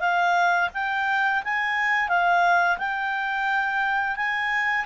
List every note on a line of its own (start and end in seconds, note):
0.00 0.69 F5
0.74 1.43 G5
1.44 2.08 G#5
2.08 2.77 F5
2.78 4.16 G5
4.16 4.85 G#5